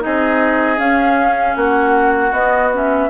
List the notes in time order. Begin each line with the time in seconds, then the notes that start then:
0.00 C4 D#4 G#4 D#5
0.77 C#4 F5
1.55 A#3 F#4 F#5
2.32 B3 D#5
2.73 C#4 E5